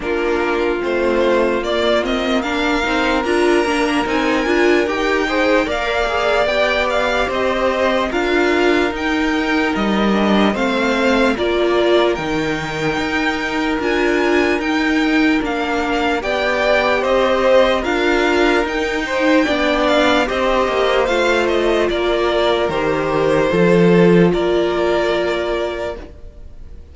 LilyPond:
<<
  \new Staff \with { instrumentName = "violin" } { \time 4/4 \tempo 4 = 74 ais'4 c''4 d''8 dis''8 f''4 | ais''4 gis''4 g''4 f''4 | g''8 f''8 dis''4 f''4 g''4 | dis''4 f''4 d''4 g''4~ |
g''4 gis''4 g''4 f''4 | g''4 dis''4 f''4 g''4~ | g''8 f''8 dis''4 f''8 dis''8 d''4 | c''2 d''2 | }
  \new Staff \with { instrumentName = "violin" } { \time 4/4 f'2. ais'4~ | ais'2~ ais'8 c''8 d''4~ | d''4 c''4 ais'2~ | ais'4 c''4 ais'2~ |
ais'1 | d''4 c''4 ais'4. c''8 | d''4 c''2 ais'4~ | ais'4 a'4 ais'2 | }
  \new Staff \with { instrumentName = "viola" } { \time 4/4 d'4 c'4 ais8 c'8 d'8 dis'8 | f'8 d'8 dis'8 f'8 g'8 gis'8 ais'8 gis'8 | g'2 f'4 dis'4~ | dis'8 d'8 c'4 f'4 dis'4~ |
dis'4 f'4 dis'4 d'4 | g'2 f'4 dis'4 | d'4 g'4 f'2 | g'4 f'2. | }
  \new Staff \with { instrumentName = "cello" } { \time 4/4 ais4 a4 ais4. c'8 | d'8 ais8 c'8 d'8 dis'4 ais4 | b4 c'4 d'4 dis'4 | g4 a4 ais4 dis4 |
dis'4 d'4 dis'4 ais4 | b4 c'4 d'4 dis'4 | b4 c'8 ais8 a4 ais4 | dis4 f4 ais2 | }
>>